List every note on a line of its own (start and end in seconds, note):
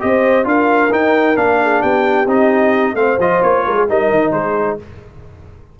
0.00 0.45 C4
0.00 0.44 G4
0.00 0.48 C5
0.00 0.46 D#5
0.44 0.90 D4
0.44 0.90 F4
0.44 1.62 A#4
0.44 0.93 F5
0.91 1.36 D#4
0.91 1.37 D#4
0.91 1.37 G5
1.36 1.83 A#3
1.36 2.27 D4
1.36 1.82 F5
1.62 1.82 G#4
1.82 2.26 B3
1.82 2.95 G4
1.82 2.28 G5
2.26 2.94 C4
2.26 2.96 D#4
2.26 2.96 D#5
2.94 3.17 A3
2.94 3.19 C4
2.94 3.66 C5
2.94 3.18 F5
3.19 3.42 F3
3.19 3.88 F4
3.19 3.42 D#5
3.42 3.66 A#3
3.42 3.88 C#5
3.66 3.89 G#3
3.66 3.76 A#4
3.76 3.87 G#4
3.88 4.11 G3
3.88 4.79 D#4
3.88 4.34 A#4
3.88 4.32 D#5
4.11 4.32 D#3
4.32 4.77 G#3
4.32 4.80 G#4
4.32 4.78 C5